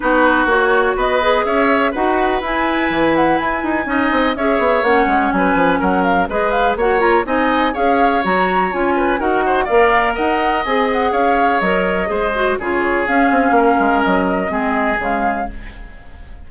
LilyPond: <<
  \new Staff \with { instrumentName = "flute" } { \time 4/4 \tempo 4 = 124 b'4 cis''4 dis''4 e''4 | fis''4 gis''4. fis''8 gis''4~ | gis''4 e''4 fis''4 gis''4 | fis''8 f''8 dis''8 f''8 fis''8 ais''8 gis''4 |
f''4 ais''4 gis''4 fis''4 | f''4 fis''4 gis''8 fis''8 f''4 | dis''2 cis''4 f''4~ | f''4 dis''2 f''4 | }
  \new Staff \with { instrumentName = "oboe" } { \time 4/4 fis'2 b'4 cis''4 | b'1 | dis''4 cis''2 b'4 | ais'4 b'4 cis''4 dis''4 |
cis''2~ cis''8 b'8 ais'8 c''8 | d''4 dis''2 cis''4~ | cis''4 c''4 gis'2 | ais'2 gis'2 | }
  \new Staff \with { instrumentName = "clarinet" } { \time 4/4 dis'4 fis'4. gis'4. | fis'4 e'2. | dis'4 gis'4 cis'2~ | cis'4 gis'4 fis'8 f'8 dis'4 |
gis'4 fis'4 f'4 fis'4 | ais'2 gis'2 | ais'4 gis'8 fis'8 f'4 cis'4~ | cis'2 c'4 gis4 | }
  \new Staff \with { instrumentName = "bassoon" } { \time 4/4 b4 ais4 b4 cis'4 | dis'4 e'4 e4 e'8 dis'8 | cis'8 c'8 cis'8 b8 ais8 gis8 fis8 f8 | fis4 gis4 ais4 c'4 |
cis'4 fis4 cis'4 dis'4 | ais4 dis'4 c'4 cis'4 | fis4 gis4 cis4 cis'8 c'8 | ais8 gis8 fis4 gis4 cis4 | }
>>